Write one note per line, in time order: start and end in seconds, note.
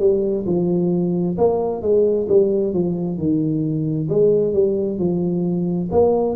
0.00 0.45 G3
0.47 1.38 F3
1.38 1.82 A#3
1.82 2.28 G#3
2.29 2.74 G3
2.74 3.18 F3
3.18 4.09 D#3
4.10 4.54 G#3
4.54 4.99 G3
4.99 5.90 F3
5.92 6.37 A#3